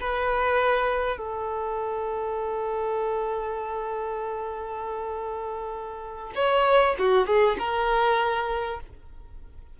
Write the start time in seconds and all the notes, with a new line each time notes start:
0.00 B4
1.17 A4
6.35 C#5
6.99 F#4
7.26 G#4
7.59 A#4